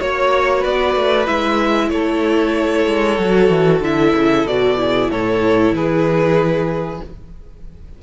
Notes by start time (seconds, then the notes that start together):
0.00 A#3 F#4 C#5
0.59 B3 B4 D5
0.95 A3
1.26 G#3 E4 E5
1.90 A3 A4 C#5
2.86 G#3
3.18 F#3 F#4
3.49 E3
3.81 D3 E4 E5
4.15 C#3
4.45 B2 F#4 D5
4.77 E4 G#4
5.11 A2 A4 C#5
5.72 E3 G#4 B4